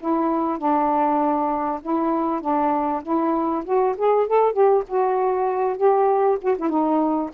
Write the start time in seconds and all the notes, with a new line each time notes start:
0.00 E4
0.59 D4
1.82 E4
2.42 D4
3.03 E4
3.65 F#4
3.98 G#4
4.27 A4
4.53 G4
4.88 F#4
5.78 G4
6.42 F#4
6.59 E4
6.69 D#4